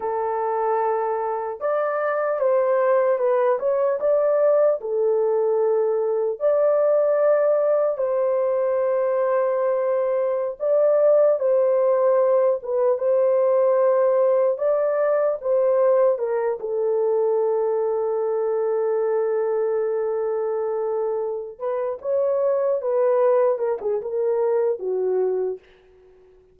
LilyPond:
\new Staff \with { instrumentName = "horn" } { \time 4/4 \tempo 4 = 75 a'2 d''4 c''4 | b'8 cis''8 d''4 a'2 | d''2 c''2~ | c''4~ c''16 d''4 c''4. b'16~ |
b'16 c''2 d''4 c''8.~ | c''16 ais'8 a'2.~ a'16~ | a'2. b'8 cis''8~ | cis''8 b'4 ais'16 gis'16 ais'4 fis'4 | }